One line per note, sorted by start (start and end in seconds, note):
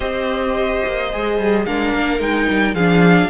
0.00 0.82 C4
0.00 1.10 G4
0.00 1.65 C5
0.00 1.65 D#5
0.86 1.13 A#3
1.12 1.38 G#3
1.12 1.66 G#4
1.38 1.66 G3
1.65 1.93 G#3
1.65 2.19 D4
1.65 2.74 A#4
1.65 2.20 F5
1.93 2.19 A#3
2.19 2.47 G#3
2.19 2.74 D#4
2.19 2.75 G5
2.49 2.74 G3
2.74 3.29 F3
2.74 3.29 D4
2.74 3.29 G#4
2.74 3.29 F5